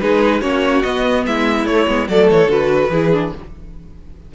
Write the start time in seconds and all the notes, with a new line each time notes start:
0.00 G#3 D#4 G#4 B4
0.41 A#3 C#4 F#4 C#5
0.82 B3 D#5
1.26 G#3 E4 E5
1.66 A3 C#5
1.87 G#3 B3
2.08 F#3 A3 A4 D5
2.30 E3 C#5
2.47 D3 F#4 B4
2.90 E3 E4 G#4
3.13 D4